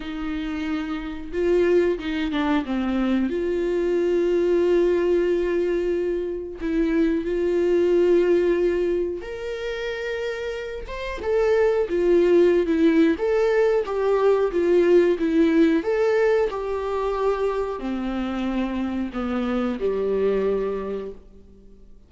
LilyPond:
\new Staff \with { instrumentName = "viola" } { \time 4/4 \tempo 4 = 91 dis'2 f'4 dis'8 d'8 | c'4 f'2.~ | f'2 e'4 f'4~ | f'2 ais'2~ |
ais'8 c''8 a'4 f'4~ f'16 e'8. | a'4 g'4 f'4 e'4 | a'4 g'2 c'4~ | c'4 b4 g2 | }